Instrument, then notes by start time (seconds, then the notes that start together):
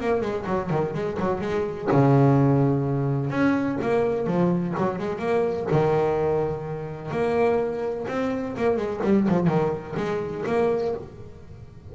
double bass
0.00 A#3
0.21 G#3
0.46 F#3
0.70 D#3
0.94 G#3
1.19 F#3
1.40 G#3
1.91 C#3
3.30 C#4
3.81 A#3
4.27 F3
4.77 F#3
4.99 G#3
5.19 A#3
5.71 D#3
7.11 A#3
8.08 C4
8.56 A#3
8.76 G#3
9.03 G3
9.28 F3
9.47 D#3
9.96 G#3
10.46 A#3